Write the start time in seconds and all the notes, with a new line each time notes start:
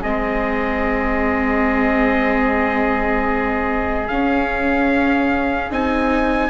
0.00 G#3 C4 G#4 D#5
4.08 C#4 F5
5.70 C4 D#4 G#5